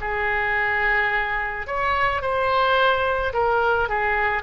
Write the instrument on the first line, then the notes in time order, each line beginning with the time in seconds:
oboe
0.00 G#4
1.67 C#5
2.22 C5
3.33 A#4
3.89 G#4